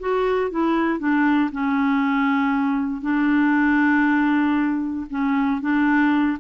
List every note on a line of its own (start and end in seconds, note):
0.00 0.51 F#4
0.51 0.99 E4
0.99 1.51 D4
1.52 3.01 C#4
3.01 5.07 D4
5.10 5.61 C#4
5.61 6.38 D4